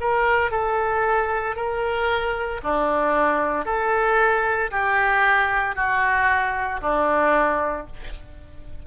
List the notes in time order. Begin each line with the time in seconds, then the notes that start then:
0.00 A#4
0.51 A4
1.56 A#4
2.63 D4
3.65 A4
4.71 G4
5.75 F#4
6.81 D4